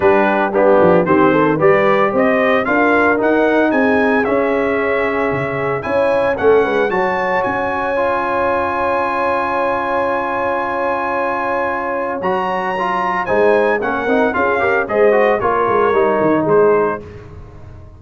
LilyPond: <<
  \new Staff \with { instrumentName = "trumpet" } { \time 4/4 \tempo 4 = 113 b'4 g'4 c''4 d''4 | dis''4 f''4 fis''4 gis''4 | e''2. gis''4 | fis''4 a''4 gis''2~ |
gis''1~ | gis''2. ais''4~ | ais''4 gis''4 fis''4 f''4 | dis''4 cis''2 c''4 | }
  \new Staff \with { instrumentName = "horn" } { \time 4/4 g'4 d'4 g'8 a'8 b'4 | c''4 ais'2 gis'4~ | gis'2. cis''4 | a'8 b'8 cis''2.~ |
cis''1~ | cis''1~ | cis''4 c''4 ais'4 gis'8 ais'8 | c''4 ais'2 gis'4 | }
  \new Staff \with { instrumentName = "trombone" } { \time 4/4 d'4 b4 c'4 g'4~ | g'4 f'4 dis'2 | cis'2. e'4 | cis'4 fis'2 f'4~ |
f'1~ | f'2. fis'4 | f'4 dis'4 cis'8 dis'8 f'8 g'8 | gis'8 fis'8 f'4 dis'2 | }
  \new Staff \with { instrumentName = "tuba" } { \time 4/4 g4. f8 dis4 g4 | c'4 d'4 dis'4 c'4 | cis'2 cis4 cis'4 | a8 gis8 fis4 cis'2~ |
cis'1~ | cis'2. fis4~ | fis4 gis4 ais8 c'8 cis'4 | gis4 ais8 gis8 g8 dis8 gis4 | }
>>